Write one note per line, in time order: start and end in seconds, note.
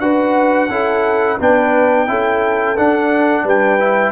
0.00 0.69 D4
0.00 0.70 F#4
0.00 0.71 B4
0.00 1.39 F#5
0.69 1.38 C#4
0.69 1.39 E4
0.69 1.40 A4
1.39 2.08 B3
1.39 2.08 D4
1.39 2.08 B4
1.39 2.78 G5
2.08 2.77 C#4
2.08 2.77 E4
2.08 3.45 A4
2.77 3.80 D4
2.77 3.44 D4
2.77 3.47 F#5
3.44 4.12 G3
3.44 4.12 B4
3.44 4.12 G5
3.80 4.12 E4